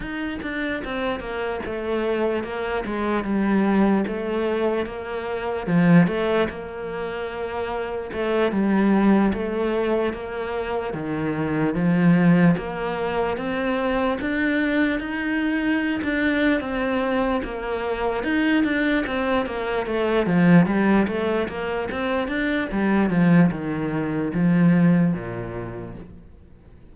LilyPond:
\new Staff \with { instrumentName = "cello" } { \time 4/4 \tempo 4 = 74 dis'8 d'8 c'8 ais8 a4 ais8 gis8 | g4 a4 ais4 f8 a8 | ais2 a8 g4 a8~ | a8 ais4 dis4 f4 ais8~ |
ais8 c'4 d'4 dis'4~ dis'16 d'16~ | d'8 c'4 ais4 dis'8 d'8 c'8 | ais8 a8 f8 g8 a8 ais8 c'8 d'8 | g8 f8 dis4 f4 ais,4 | }